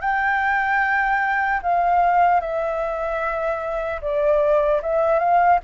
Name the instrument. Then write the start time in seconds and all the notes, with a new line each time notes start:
flute
0.00 G5
1.62 F5
2.40 E5
4.01 D5
4.82 E5
5.19 F5